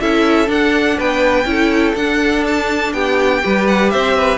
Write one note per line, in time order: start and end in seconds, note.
0.00 0.48 C#4
0.00 0.46 E4
0.00 0.97 A4
0.00 0.49 E5
0.46 1.44 D4
0.46 0.97 D4
0.46 0.99 F#5
0.97 1.45 B3
0.97 1.46 B4
0.97 1.95 G5
1.45 1.94 C#4
1.45 1.94 E4
1.45 2.94 A4
1.95 2.92 D4
1.95 3.42 D4
1.95 2.44 F#5
2.46 2.93 A5
2.93 3.41 B3
2.93 3.43 G4
2.93 3.66 G5
3.42 3.93 G3
3.42 4.37 G4
3.42 3.92 B4
3.67 3.90 F#5
3.90 4.37 C4
3.90 4.16 C5
3.90 4.37 E5
4.16 4.37 B4